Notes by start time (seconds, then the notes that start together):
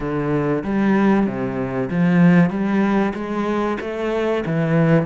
0.00 D3
0.63 G3
1.26 C3
1.90 F3
2.49 G3
3.14 G#3
3.80 A3
4.46 E3